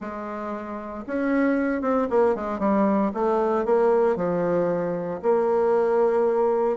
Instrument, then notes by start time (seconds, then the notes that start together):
bassoon
0.00 G#3
1.06 C#4
1.81 C4
2.10 A#3
2.35 G#3
2.59 G3
3.14 A3
3.65 A#3
4.15 F3
5.22 A#3